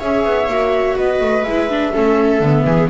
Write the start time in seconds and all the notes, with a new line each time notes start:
0.00 C#4 G#4 C#5 E5
0.26 B3
0.48 A#3 F#4
0.97 B3 B4 D#5
1.21 A3
1.44 G#3 E4 E5
1.70 D4
1.93 A3 C#4 A4
2.40 D3 B3
2.65 E3 G#4